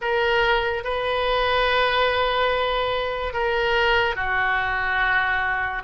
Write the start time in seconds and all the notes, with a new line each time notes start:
0.01 A#4
0.84 B4
3.33 A#4
4.15 F#4